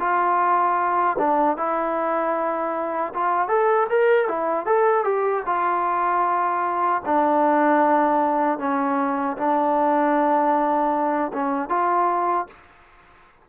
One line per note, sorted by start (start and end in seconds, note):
0.00 1.17 F4
1.18 1.57 D4
1.57 3.13 E4
3.14 3.48 F4
3.48 3.87 A4
3.90 4.29 A#4
4.29 4.66 E4
4.66 5.04 A4
5.04 5.43 G4
5.46 7.02 F4
7.06 8.59 D4
8.59 9.37 C#4
9.37 11.32 D4
11.33 11.69 C#4
11.69 12.47 F4